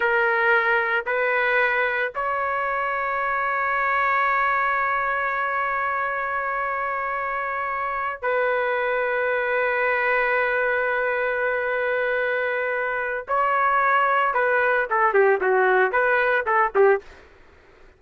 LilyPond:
\new Staff \with { instrumentName = "trumpet" } { \time 4/4 \tempo 4 = 113 ais'2 b'2 | cis''1~ | cis''1~ | cis''2.~ cis''8 b'8~ |
b'1~ | b'1~ | b'4 cis''2 b'4 | a'8 g'8 fis'4 b'4 a'8 g'8 | }